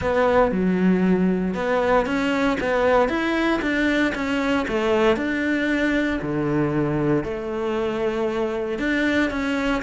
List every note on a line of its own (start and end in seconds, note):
0.01 0.51 B3
0.51 1.54 F#3
1.54 2.05 B3
2.05 2.57 C#4
2.60 3.08 B3
3.08 3.60 E4
3.61 4.13 D4
4.14 4.66 C#4
4.68 5.16 A3
5.16 6.20 D4
6.22 7.23 D3
7.23 8.78 A3
8.78 9.30 D4
9.30 9.82 C#4